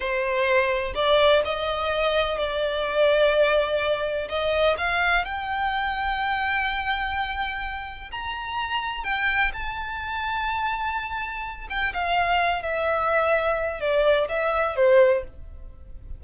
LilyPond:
\new Staff \with { instrumentName = "violin" } { \time 4/4 \tempo 4 = 126 c''2 d''4 dis''4~ | dis''4 d''2.~ | d''4 dis''4 f''4 g''4~ | g''1~ |
g''4 ais''2 g''4 | a''1~ | a''8 g''8 f''4. e''4.~ | e''4 d''4 e''4 c''4 | }